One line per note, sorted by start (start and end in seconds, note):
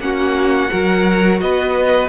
0.00 0.70 A#3
0.00 0.69 C#4
0.00 0.71 F#4
0.00 1.41 F#5
0.69 1.42 F#3
0.69 2.09 F#4
0.69 1.41 A#4
1.41 2.09 B3
1.41 2.09 B4
1.41 2.09 D#5